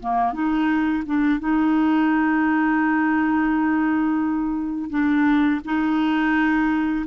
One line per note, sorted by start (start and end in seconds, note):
0.00 0.34 A#3
0.34 1.04 D#4
1.06 1.40 D4
1.40 4.91 D#4
4.91 5.61 D4
5.65 7.06 D#4